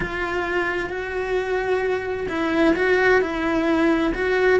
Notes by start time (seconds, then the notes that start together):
0.00 F4
0.89 F#4
2.29 E4
2.75 F#4
3.21 E4
4.14 F#4